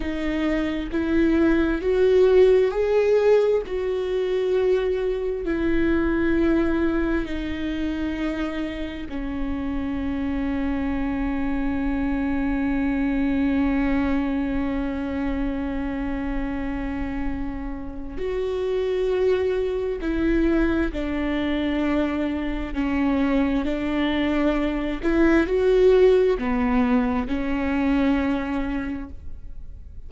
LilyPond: \new Staff \with { instrumentName = "viola" } { \time 4/4 \tempo 4 = 66 dis'4 e'4 fis'4 gis'4 | fis'2 e'2 | dis'2 cis'2~ | cis'1~ |
cis'1 | fis'2 e'4 d'4~ | d'4 cis'4 d'4. e'8 | fis'4 b4 cis'2 | }